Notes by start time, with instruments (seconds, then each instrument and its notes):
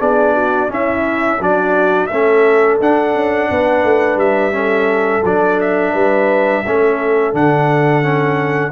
0.00 tuba B3, trombone D4, horn G#4, trumpet D5
0.35 horn F#4
0.69 trombone C#4, tuba C#4, horn E4, trumpet E5
1.40 tuba F#3, trombone D4, horn F#4, trumpet D5
2.07 tuba A3, trombone C#4, horn A4, trumpet E5
2.80 tuba D4, trombone D4, trumpet F#5
3.16 tuba C#4
3.51 tuba B3, horn B4
3.84 tuba A3
4.16 tuba G3, trumpet E5
4.52 trombone C#4, horn A4
5.24 tuba F#3, trombone D4, trumpet D5
5.61 trumpet E5
5.93 tuba G3, horn B4
6.66 tuba A3, trombone C#4, horn A4
7.33 tuba D3, trombone D4, trumpet F#5
8.03 trombone C#4